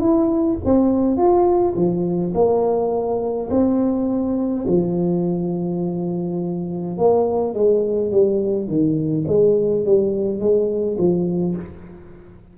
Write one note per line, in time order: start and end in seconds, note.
0.00 0.58 E4
0.65 1.17 C4
1.17 1.75 F4
1.76 2.34 F3
2.34 3.50 A#3
3.50 4.66 C4
4.67 6.98 F3
6.98 7.54 A#3
7.54 8.11 G#3
8.11 8.68 G3
8.68 9.26 D#3
9.28 9.85 G#3
9.85 10.40 G3
10.40 10.98 G#3
10.98 11.56 F3